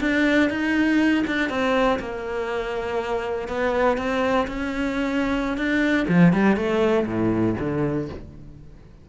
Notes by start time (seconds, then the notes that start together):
0.00 D4
0.50 D#4
1.27 D4
1.49 C4
1.99 A#3
3.48 B3
3.97 C4
4.47 C#4
5.57 D4
6.08 F3
6.33 G3
6.56 A3
7.06 A2
7.59 D3